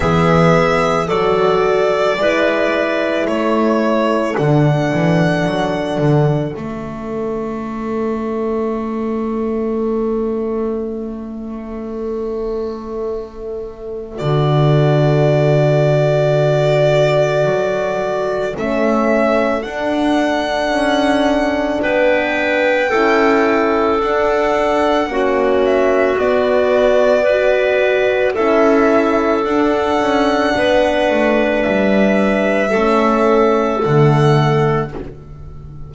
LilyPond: <<
  \new Staff \with { instrumentName = "violin" } { \time 4/4 \tempo 4 = 55 e''4 d''2 cis''4 | fis''2 e''2~ | e''1~ | e''4 d''2.~ |
d''4 e''4 fis''2 | g''2 fis''4. e''8 | d''2 e''4 fis''4~ | fis''4 e''2 fis''4 | }
  \new Staff \with { instrumentName = "clarinet" } { \time 4/4 gis'4 a'4 b'4 a'4~ | a'1~ | a'1~ | a'1~ |
a'1 | b'4 a'2 fis'4~ | fis'4 b'4 a'2 | b'2 a'2 | }
  \new Staff \with { instrumentName = "horn" } { \time 4/4 b4 fis'4 e'2 | d'2 cis'2~ | cis'1~ | cis'4 fis'2.~ |
fis'4 cis'4 d'2~ | d'4 e'4 d'4 cis'4 | b4 fis'4 e'4 d'4~ | d'2 cis'4 a4 | }
  \new Staff \with { instrumentName = "double bass" } { \time 4/4 e4 fis4 gis4 a4 | d8 e8 fis8 d8 a2~ | a1~ | a4 d2. |
fis4 a4 d'4 cis'4 | b4 cis'4 d'4 ais4 | b2 cis'4 d'8 cis'8 | b8 a8 g4 a4 d4 | }
>>